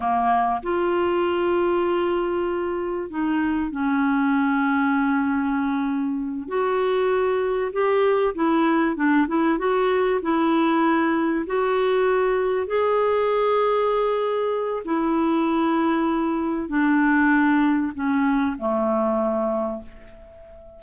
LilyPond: \new Staff \with { instrumentName = "clarinet" } { \time 4/4 \tempo 4 = 97 ais4 f'2.~ | f'4 dis'4 cis'2~ | cis'2~ cis'8 fis'4.~ | fis'8 g'4 e'4 d'8 e'8 fis'8~ |
fis'8 e'2 fis'4.~ | fis'8 gis'2.~ gis'8 | e'2. d'4~ | d'4 cis'4 a2 | }